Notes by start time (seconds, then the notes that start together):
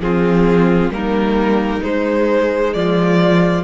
0.00 F3 C4 F4 G#4
0.89 G3 A#3 D#4 A#4
1.81 G#3 C5
2.74 F3 F4 D5